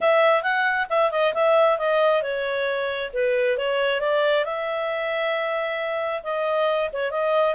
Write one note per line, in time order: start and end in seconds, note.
0.00 0.42 E5
0.42 0.87 F#5
0.89 1.11 E5
1.11 1.33 D#5
1.34 1.78 E5
1.78 2.22 D#5
2.22 3.11 C#5
3.13 3.57 B4
3.57 4.00 C#5
4.00 4.44 D5
4.44 6.22 E5
6.23 6.89 D#5
6.92 7.11 C#5
7.11 7.54 D#5